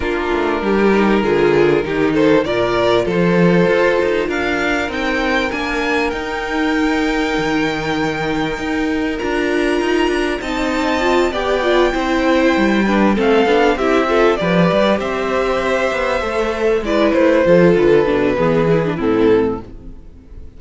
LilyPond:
<<
  \new Staff \with { instrumentName = "violin" } { \time 4/4 \tempo 4 = 98 ais'2.~ ais'8 c''8 | d''4 c''2 f''4 | g''4 gis''4 g''2~ | g''2. ais''4~ |
ais''4 a''4. g''4.~ | g''4. f''4 e''4 d''8~ | d''8 e''2. d''8 | c''4 b'2 a'4 | }
  \new Staff \with { instrumentName = "violin" } { \time 4/4 f'4 g'4 gis'4 g'8 a'8 | ais'4 a'2 ais'4~ | ais'1~ | ais'1~ |
ais'4 dis''4. d''4 c''8~ | c''4 b'8 a'4 g'8 a'8 b'8~ | b'8 c''2. b'8~ | b'8 a'4. gis'4 e'4 | }
  \new Staff \with { instrumentName = "viola" } { \time 4/4 d'4. dis'8 f'4 dis'4 | f'1 | dis'4 d'4 dis'2~ | dis'2. f'4~ |
f'4 dis'4 f'8 g'8 f'8 e'8~ | e'4 d'8 c'8 d'8 e'8 f'8 g'8~ | g'2~ g'8 a'4 e'8~ | e'8 f'4 d'8 b8 e'16 d'16 c'4 | }
  \new Staff \with { instrumentName = "cello" } { \time 4/4 ais8 a8 g4 d4 dis4 | ais,4 f4 f'8 dis'8 d'4 | c'4 ais4 dis'2 | dis2 dis'4 d'4 |
dis'8 d'8 c'4. b4 c'8~ | c'8 g4 a8 b8 c'4 f8 | g8 c'4. b8 a4 gis8 | a8 f8 d8 b,8 e4 a,4 | }
>>